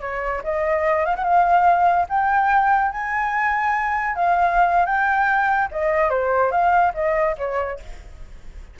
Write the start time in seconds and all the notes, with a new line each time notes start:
0.00 C#5
0.44 D#5
1.05 F5
1.15 F#5
1.24 F5
2.09 G5
2.91 G#5
4.15 F5
4.85 G5
5.71 D#5
6.10 C5
6.51 F5
6.94 D#5
7.38 C#5